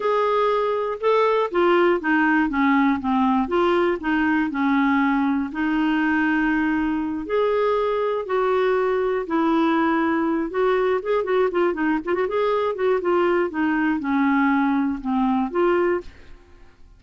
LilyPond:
\new Staff \with { instrumentName = "clarinet" } { \time 4/4 \tempo 4 = 120 gis'2 a'4 f'4 | dis'4 cis'4 c'4 f'4 | dis'4 cis'2 dis'4~ | dis'2~ dis'8 gis'4.~ |
gis'8 fis'2 e'4.~ | e'4 fis'4 gis'8 fis'8 f'8 dis'8 | f'16 fis'16 gis'4 fis'8 f'4 dis'4 | cis'2 c'4 f'4 | }